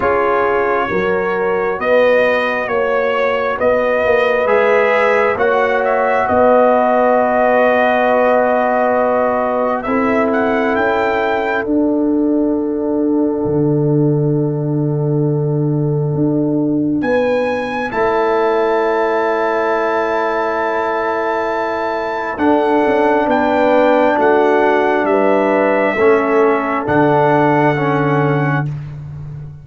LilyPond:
<<
  \new Staff \with { instrumentName = "trumpet" } { \time 4/4 \tempo 4 = 67 cis''2 dis''4 cis''4 | dis''4 e''4 fis''8 e''8 dis''4~ | dis''2. e''8 fis''8 | g''4 fis''2.~ |
fis''2. gis''4 | a''1~ | a''4 fis''4 g''4 fis''4 | e''2 fis''2 | }
  \new Staff \with { instrumentName = "horn" } { \time 4/4 gis'4 ais'4 b'4 cis''4 | b'2 cis''4 b'4~ | b'2. a'4~ | a'1~ |
a'2. b'4 | cis''1~ | cis''4 a'4 b'4 fis'4 | b'4 a'2. | }
  \new Staff \with { instrumentName = "trombone" } { \time 4/4 f'4 fis'2.~ | fis'4 gis'4 fis'2~ | fis'2. e'4~ | e'4 d'2.~ |
d'1 | e'1~ | e'4 d'2.~ | d'4 cis'4 d'4 cis'4 | }
  \new Staff \with { instrumentName = "tuba" } { \time 4/4 cis'4 fis4 b4 ais4 | b8 ais8 gis4 ais4 b4~ | b2. c'4 | cis'4 d'2 d4~ |
d2 d'4 b4 | a1~ | a4 d'8 cis'8 b4 a4 | g4 a4 d2 | }
>>